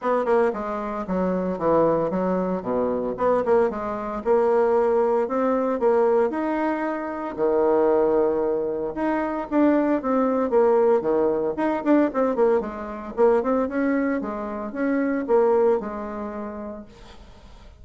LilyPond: \new Staff \with { instrumentName = "bassoon" } { \time 4/4 \tempo 4 = 114 b8 ais8 gis4 fis4 e4 | fis4 b,4 b8 ais8 gis4 | ais2 c'4 ais4 | dis'2 dis2~ |
dis4 dis'4 d'4 c'4 | ais4 dis4 dis'8 d'8 c'8 ais8 | gis4 ais8 c'8 cis'4 gis4 | cis'4 ais4 gis2 | }